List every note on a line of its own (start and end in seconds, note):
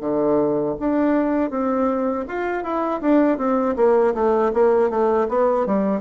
0.00 0.75 D3
0.79 1.50 D4
1.50 2.25 C4
2.28 2.63 F4
2.63 3.00 E4
3.01 3.38 D4
3.38 3.75 C4
3.76 4.14 A#3
4.14 4.51 A3
4.53 4.90 A#3
4.90 5.27 A3
5.28 5.66 B3
5.66 6.00 G3